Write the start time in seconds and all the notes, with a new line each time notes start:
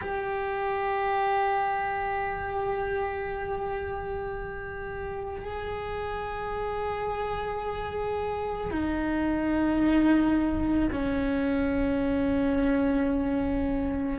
0.01 G4
5.44 G#4
8.70 D#4
10.91 C#4